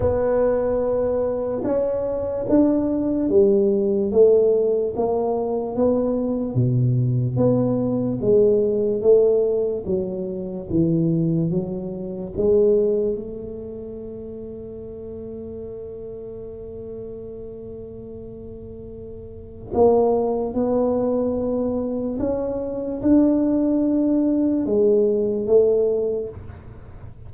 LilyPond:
\new Staff \with { instrumentName = "tuba" } { \time 4/4 \tempo 4 = 73 b2 cis'4 d'4 | g4 a4 ais4 b4 | b,4 b4 gis4 a4 | fis4 e4 fis4 gis4 |
a1~ | a1 | ais4 b2 cis'4 | d'2 gis4 a4 | }